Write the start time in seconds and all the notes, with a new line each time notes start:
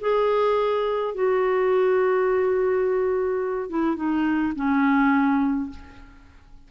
0.00 G#4
1.14 F#4
3.69 E4
3.96 D#4
4.55 C#4